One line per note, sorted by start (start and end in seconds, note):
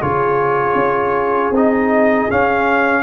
0.00 0.75 C#3
0.00 1.53 F4
0.00 3.03 G#4
0.00 1.54 C#5
0.75 1.51 C#4
1.51 2.27 C4
1.51 2.30 D#4
1.51 2.31 D#5
2.30 3.03 C#4
2.30 3.03 F5